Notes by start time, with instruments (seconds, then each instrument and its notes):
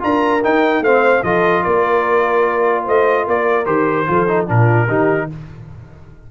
0.00 tuba D4, trombone F4, horn A#4, trumpet A#5
0.44 trombone D#4, tuba D#4, trumpet G5
0.81 tuba A3, trombone C4, horn C5, trumpet F5
1.23 tuba F3, trombone F4, horn A4, trumpet D#5
1.63 tuba A#3, horn A#4, trumpet D5
2.84 tuba A3, horn C5, trumpet D#5
3.27 tuba A#3, horn A#4, trumpet D5
3.66 tuba D#3, trombone G4, trumpet C5
4.07 tuba F3, trombone F4, horn A4
4.28 trombone D#4
4.47 tuba A#2, trombone D4, horn F4, trumpet A#4
4.88 tuba D#3, trombone D#4, horn G4